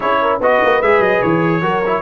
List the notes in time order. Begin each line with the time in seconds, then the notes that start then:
0.00 C#4 E4 G#4 C#5
0.21 A#4
0.40 B3 F#4 B4 D#5
0.64 A#3
0.82 G#3 G#4 E5
0.99 F#3 D#5
1.22 E3 C#5
1.62 F#3 F#4 A#4
1.86 E4